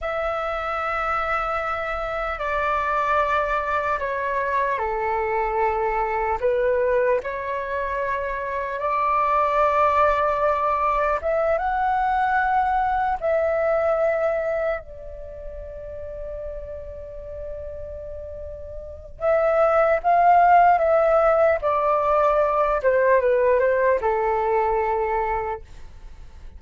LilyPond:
\new Staff \with { instrumentName = "flute" } { \time 4/4 \tempo 4 = 75 e''2. d''4~ | d''4 cis''4 a'2 | b'4 cis''2 d''4~ | d''2 e''8 fis''4.~ |
fis''8 e''2 d''4.~ | d''1 | e''4 f''4 e''4 d''4~ | d''8 c''8 b'8 c''8 a'2 | }